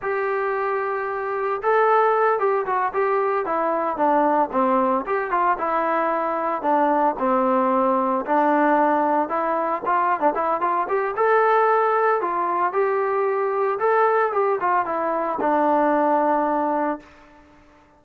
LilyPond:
\new Staff \with { instrumentName = "trombone" } { \time 4/4 \tempo 4 = 113 g'2. a'4~ | a'8 g'8 fis'8 g'4 e'4 d'8~ | d'8 c'4 g'8 f'8 e'4.~ | e'8 d'4 c'2 d'8~ |
d'4. e'4 f'8. d'16 e'8 | f'8 g'8 a'2 f'4 | g'2 a'4 g'8 f'8 | e'4 d'2. | }